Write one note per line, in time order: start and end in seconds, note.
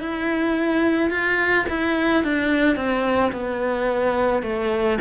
0.00 1.11 E4
1.11 1.66 F4
1.69 2.24 E4
2.24 2.77 D4
2.77 3.32 C4
3.32 4.43 B3
4.43 4.98 A3